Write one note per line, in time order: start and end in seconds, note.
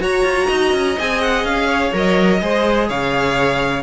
0.00 0.96 F#4
0.00 0.23 F#4
0.00 0.47 C#5
0.00 0.98 A#5
0.23 0.47 F4
0.47 0.73 D#4
0.47 1.67 D#5
0.73 0.97 C#4
0.98 1.44 C4
0.98 1.93 G#4
0.98 1.21 G#5
1.21 1.45 F#5
1.44 1.92 C#4
1.44 1.93 F5
1.67 2.39 C#5
1.93 2.41 F#3
1.93 2.40 A#4
1.93 2.89 D#5
2.40 2.90 G#3
2.40 3.83 G#4
2.40 2.88 C5
2.88 3.83 C#3
2.88 3.83 C#5
2.88 3.83 F5